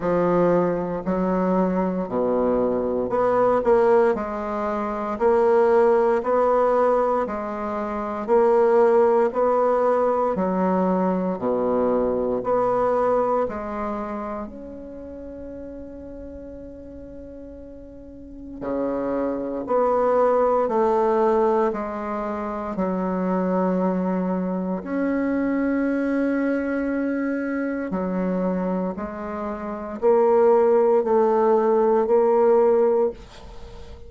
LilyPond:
\new Staff \with { instrumentName = "bassoon" } { \time 4/4 \tempo 4 = 58 f4 fis4 b,4 b8 ais8 | gis4 ais4 b4 gis4 | ais4 b4 fis4 b,4 | b4 gis4 cis'2~ |
cis'2 cis4 b4 | a4 gis4 fis2 | cis'2. fis4 | gis4 ais4 a4 ais4 | }